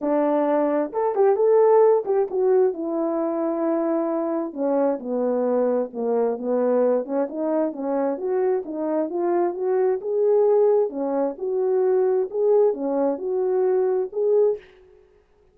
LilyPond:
\new Staff \with { instrumentName = "horn" } { \time 4/4 \tempo 4 = 132 d'2 a'8 g'8 a'4~ | a'8 g'8 fis'4 e'2~ | e'2 cis'4 b4~ | b4 ais4 b4. cis'8 |
dis'4 cis'4 fis'4 dis'4 | f'4 fis'4 gis'2 | cis'4 fis'2 gis'4 | cis'4 fis'2 gis'4 | }